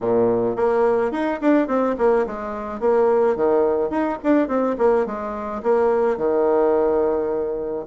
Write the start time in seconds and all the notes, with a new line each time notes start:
0.01 A#2
0.56 A#3
1.11 D#4
1.41 D4
1.67 C4
1.98 A#3
2.26 G#3
2.80 A#3
3.36 D#3
3.90 D#4
4.23 D4
4.47 C4
4.77 A#3
5.06 G#3
5.62 A#3
6.17 D#3